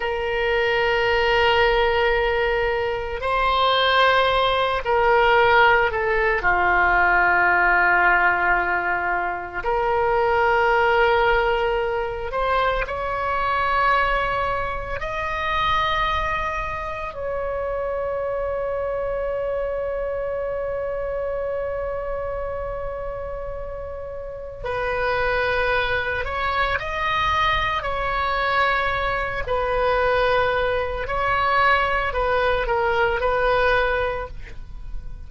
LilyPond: \new Staff \with { instrumentName = "oboe" } { \time 4/4 \tempo 4 = 56 ais'2. c''4~ | c''8 ais'4 a'8 f'2~ | f'4 ais'2~ ais'8 c''8 | cis''2 dis''2 |
cis''1~ | cis''2. b'4~ | b'8 cis''8 dis''4 cis''4. b'8~ | b'4 cis''4 b'8 ais'8 b'4 | }